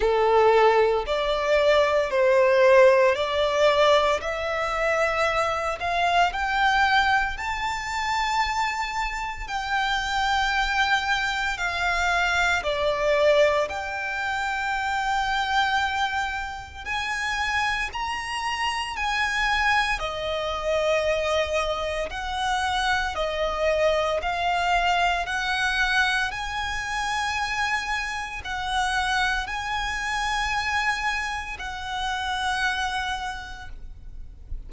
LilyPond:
\new Staff \with { instrumentName = "violin" } { \time 4/4 \tempo 4 = 57 a'4 d''4 c''4 d''4 | e''4. f''8 g''4 a''4~ | a''4 g''2 f''4 | d''4 g''2. |
gis''4 ais''4 gis''4 dis''4~ | dis''4 fis''4 dis''4 f''4 | fis''4 gis''2 fis''4 | gis''2 fis''2 | }